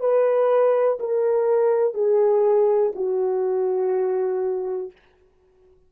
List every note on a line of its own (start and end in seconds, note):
0.00 0.98 B4
1.00 1.94 A#4
1.94 2.92 G#4
2.95 4.92 F#4